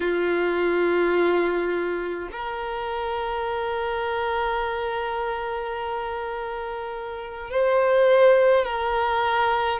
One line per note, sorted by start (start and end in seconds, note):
0.00 2.28 F4
2.31 7.50 A#4
7.50 8.65 C5
8.65 9.79 A#4